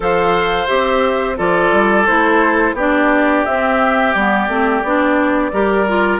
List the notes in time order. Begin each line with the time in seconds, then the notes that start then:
0.00 F3 A4 C5 F5
0.67 C4 G4 E5
1.37 F3 F4 A4 D5
1.72 G3
2.06 A3 E4 C5
2.73 B3 D4 G4 D5
3.45 C4 E5
4.13 G3 B3 D5
4.48 A3 C4
4.83 B3 D4
5.52 G3 G4 A#4
5.87 F4